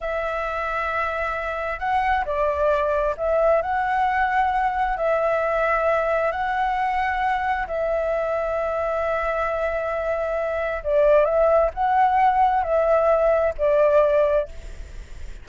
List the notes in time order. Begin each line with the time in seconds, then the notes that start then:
0.01 E5
1.79 F#5
2.25 D5
3.17 E5
3.62 F#5
4.97 E5
6.31 F#5
7.67 E5
10.83 D5
11.25 E5
11.74 F#5
12.63 E5
13.58 D5